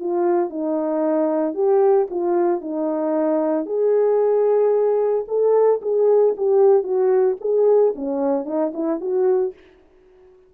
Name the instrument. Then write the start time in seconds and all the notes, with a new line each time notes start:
horn
0.00 F4
0.50 D#4
1.54 G4
2.10 F4
2.61 D#4
3.66 G#4
5.28 A4
5.82 G#4
6.37 G4
6.84 F#4
7.41 G#4
7.95 C#4
8.46 D#4
8.74 E4
9.01 F#4